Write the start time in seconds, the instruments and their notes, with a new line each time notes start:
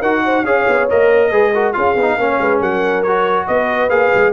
0.00 tuba D#4, trombone F#4, horn A#4, trumpet F#5
0.25 horn C5
0.44 tuba C#4, trombone G#4, horn C#5, trumpet F5
0.68 tuba B3
0.90 tuba A#3, trombone A#4, trumpet D#5
1.31 tuba G#3, trombone G#4, horn B4
1.54 trombone F#4, horn A#4
1.73 tuba C#4, trombone F4, horn G#4, trumpet F5
1.95 tuba B3
2.01 trombone D#4
2.17 tuba A#3, trombone C#4, horn C#5
2.40 tuba G#3, horn B4
2.60 tuba F#3, horn A#4, trumpet F#5
3.03 trombone F#4, trumpet C#5
3.47 tuba B3, horn B4, trumpet D#5
3.89 tuba A#3, trombone G#4, trumpet F5
4.15 tuba G#3